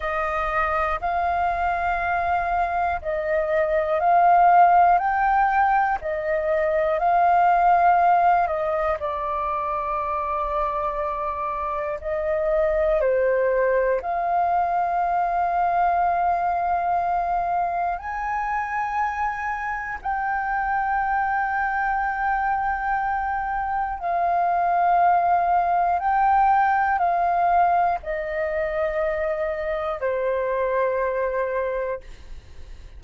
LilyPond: \new Staff \with { instrumentName = "flute" } { \time 4/4 \tempo 4 = 60 dis''4 f''2 dis''4 | f''4 g''4 dis''4 f''4~ | f''8 dis''8 d''2. | dis''4 c''4 f''2~ |
f''2 gis''2 | g''1 | f''2 g''4 f''4 | dis''2 c''2 | }